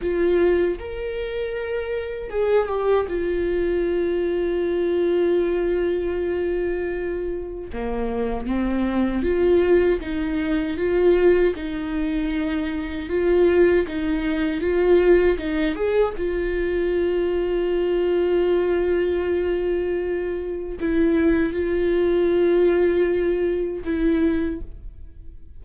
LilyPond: \new Staff \with { instrumentName = "viola" } { \time 4/4 \tempo 4 = 78 f'4 ais'2 gis'8 g'8 | f'1~ | f'2 ais4 c'4 | f'4 dis'4 f'4 dis'4~ |
dis'4 f'4 dis'4 f'4 | dis'8 gis'8 f'2.~ | f'2. e'4 | f'2. e'4 | }